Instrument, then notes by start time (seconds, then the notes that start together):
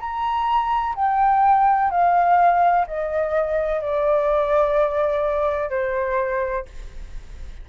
flute
0.00 A#5
0.96 G5
1.91 F5
2.87 D#5
3.81 D5
5.70 C5